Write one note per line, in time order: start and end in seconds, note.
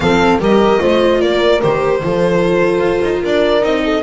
0.00 0.38 F3
0.00 0.40 C4
0.00 0.40 A4
0.00 0.38 F5
0.39 0.79 G3
0.39 0.79 G4
0.39 0.81 A#4
0.39 1.21 D#5
0.79 1.21 A3
0.79 1.60 F4
0.79 1.21 C5
1.21 1.61 A#3
1.21 2.01 A#4
1.21 1.61 D5
1.61 2.03 D#3
1.61 2.01 G4
1.61 3.23 C5
2.02 2.78 F3
2.02 3.61 F4
2.02 3.21 A4
2.78 2.98 F4
3.03 3.23 D#4
3.21 3.62 D4
3.21 3.81 A#4
3.21 3.64 D5
3.61 4.02 C4
3.61 4.01 D#4
3.61 4.02 D#5
3.84 4.02 A4